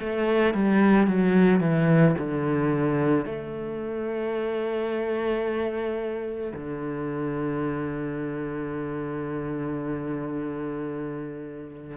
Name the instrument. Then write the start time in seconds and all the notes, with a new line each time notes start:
cello
0.00 A3
0.54 G3
1.07 F#3
1.61 E3
2.18 D3
3.26 A3
6.55 D3